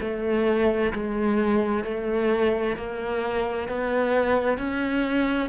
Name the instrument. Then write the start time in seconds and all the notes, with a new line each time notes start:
cello
0.00 A3
0.93 G#3
1.84 A3
2.77 A#3
3.68 B3
4.58 C#4